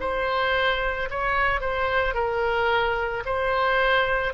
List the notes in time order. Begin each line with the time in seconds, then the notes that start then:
0.00 C5
1.10 C#5
1.61 C5
2.14 A#4
3.25 C5